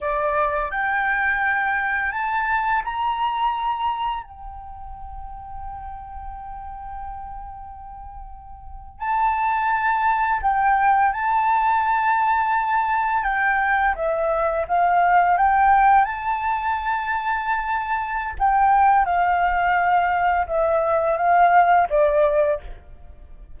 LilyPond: \new Staff \with { instrumentName = "flute" } { \time 4/4 \tempo 4 = 85 d''4 g''2 a''4 | ais''2 g''2~ | g''1~ | g''8. a''2 g''4 a''16~ |
a''2~ a''8. g''4 e''16~ | e''8. f''4 g''4 a''4~ a''16~ | a''2 g''4 f''4~ | f''4 e''4 f''4 d''4 | }